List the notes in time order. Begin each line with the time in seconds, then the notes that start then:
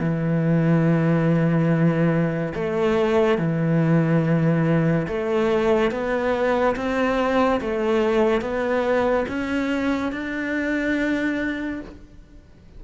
0.00 E3
2.55 A3
3.38 E3
5.08 A3
5.91 B3
6.76 C4
7.61 A3
8.41 B3
9.29 C#4
10.12 D4